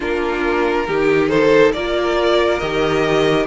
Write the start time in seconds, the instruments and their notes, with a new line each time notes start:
0.00 cello A#3, viola D4, violin F4 A#4
0.87 cello D#3, viola D#4, violin G4
1.28 violin A4 C5
1.72 cello A#3, viola F4, violin A#4 D5
2.59 cello D#3, viola G4, violin D#5